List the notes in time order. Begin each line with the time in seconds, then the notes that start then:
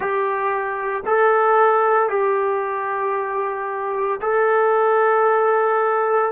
0.00 G4
1.06 A4
2.09 G4
4.21 A4